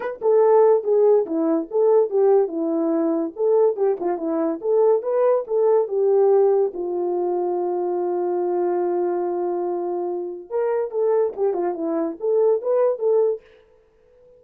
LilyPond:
\new Staff \with { instrumentName = "horn" } { \time 4/4 \tempo 4 = 143 b'8 a'4. gis'4 e'4 | a'4 g'4 e'2 | a'4 g'8 f'8 e'4 a'4 | b'4 a'4 g'2 |
f'1~ | f'1~ | f'4 ais'4 a'4 g'8 f'8 | e'4 a'4 b'4 a'4 | }